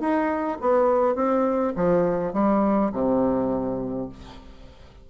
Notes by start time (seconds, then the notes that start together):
0.00 D#4
0.61 B3
1.15 C4
1.76 F3
2.33 G3
2.92 C3